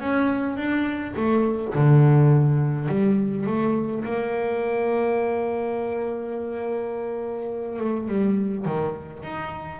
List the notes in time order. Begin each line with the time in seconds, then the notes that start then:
0.00 C#4
0.56 D4
1.16 A3
1.74 D3
2.88 G3
3.46 A3
4.04 A#3
7.79 A3
8.08 G3
8.65 D#3
9.23 D#4